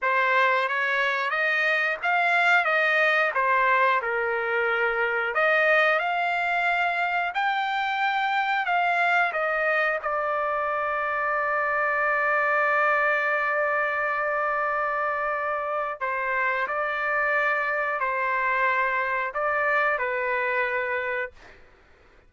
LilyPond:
\new Staff \with { instrumentName = "trumpet" } { \time 4/4 \tempo 4 = 90 c''4 cis''4 dis''4 f''4 | dis''4 c''4 ais'2 | dis''4 f''2 g''4~ | g''4 f''4 dis''4 d''4~ |
d''1~ | d''1 | c''4 d''2 c''4~ | c''4 d''4 b'2 | }